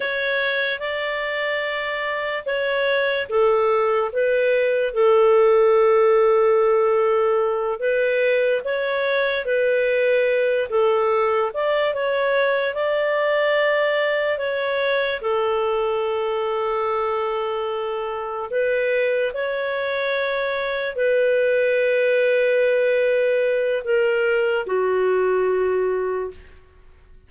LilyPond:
\new Staff \with { instrumentName = "clarinet" } { \time 4/4 \tempo 4 = 73 cis''4 d''2 cis''4 | a'4 b'4 a'2~ | a'4. b'4 cis''4 b'8~ | b'4 a'4 d''8 cis''4 d''8~ |
d''4. cis''4 a'4.~ | a'2~ a'8 b'4 cis''8~ | cis''4. b'2~ b'8~ | b'4 ais'4 fis'2 | }